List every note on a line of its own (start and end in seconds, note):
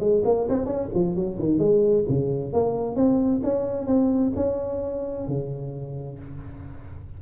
0.00 0.23 G#3
0.25 0.48 A#3
0.49 0.66 C4
0.66 0.89 C#4
0.95 1.16 F3
1.16 1.38 F#3
1.39 1.59 D#3
1.59 2.05 G#3
2.09 2.53 C#3
2.53 2.96 A#3
2.96 3.42 C4
3.44 3.87 C#4
3.87 4.33 C4
4.36 5.28 C#4
5.28 6.19 C#3